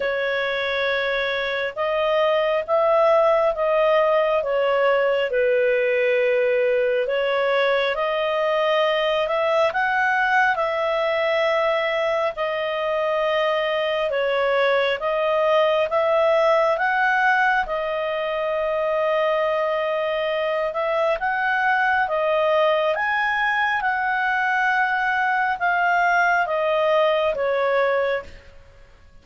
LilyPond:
\new Staff \with { instrumentName = "clarinet" } { \time 4/4 \tempo 4 = 68 cis''2 dis''4 e''4 | dis''4 cis''4 b'2 | cis''4 dis''4. e''8 fis''4 | e''2 dis''2 |
cis''4 dis''4 e''4 fis''4 | dis''2.~ dis''8 e''8 | fis''4 dis''4 gis''4 fis''4~ | fis''4 f''4 dis''4 cis''4 | }